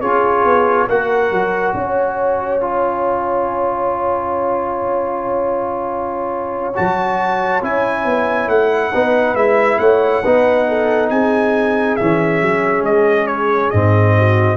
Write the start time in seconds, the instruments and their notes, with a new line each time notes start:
0.00 tuba C#4, trombone F4, horn G#4, trumpet C#5
0.45 tuba B3
0.89 tuba A#3, trombone F#4, horn A#4, trumpet F#5
1.30 tuba F#3
1.74 tuba C#4, horn C#5, trumpet G#5
2.61 trombone F4
6.75 tuba F#3, trombone F#4, trumpet A5
7.62 tuba C#4, trombone E4, trumpet G#5
8.05 tuba B3
8.48 tuba A3, trumpet F#5
8.92 tuba B3, trombone D#4, horn B4
9.34 tuba G#3, trombone E4, trumpet E5
9.79 tuba A3, horn C#5, trumpet F#5
10.23 tuba B3, trombone D#4, horn B4
10.68 horn A4
11.10 tuba C4, horn G#4, trumpet G#5
11.96 tuba E3, trombone C#4, trumpet E5
12.41 tuba F#3
12.82 tuba G#3, trumpet D#5
13.27 trumpet C#5
13.70 tuba G#2, trombone C4, trumpet D#5
14.18 horn F#4